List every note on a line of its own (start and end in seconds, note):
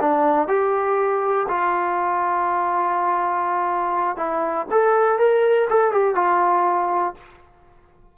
0.00 0.48 D4
0.48 1.47 G4
1.48 4.17 F4
4.17 4.66 E4
4.71 5.19 A4
5.19 5.68 A#4
5.70 5.92 A4
5.92 6.15 G4
6.15 7.14 F4